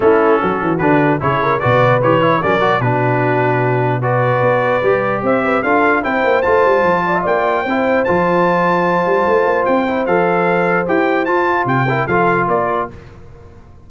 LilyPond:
<<
  \new Staff \with { instrumentName = "trumpet" } { \time 4/4 \tempo 4 = 149 a'2 b'4 cis''4 | d''4 cis''4 d''4 b'4~ | b'2 d''2~ | d''4 e''4 f''4 g''4 |
a''2 g''2 | a''1 | g''4 f''2 g''4 | a''4 g''4 f''4 d''4 | }
  \new Staff \with { instrumentName = "horn" } { \time 4/4 e'4 fis'2 gis'8 ais'8 | b'2 ais'4 fis'4~ | fis'2 b'2~ | b'4 c''8 b'8 a'4 c''4~ |
c''4. d''16 e''16 d''4 c''4~ | c''1~ | c''1~ | c''4. ais'8 a'4 ais'4 | }
  \new Staff \with { instrumentName = "trombone" } { \time 4/4 cis'2 d'4 e'4 | fis'4 g'8 e'8 cis'8 fis'8 d'4~ | d'2 fis'2 | g'2 f'4 e'4 |
f'2. e'4 | f'1~ | f'8 e'8 a'2 g'4 | f'4. e'8 f'2 | }
  \new Staff \with { instrumentName = "tuba" } { \time 4/4 a4 fis8 e8 d4 cis4 | b,4 e4 fis4 b,4~ | b,2. b4 | g4 c'4 d'4 c'8 ais8 |
a8 g8 f4 ais4 c'4 | f2~ f8 g8 a8 ais8 | c'4 f2 e'4 | f'4 c4 f4 ais4 | }
>>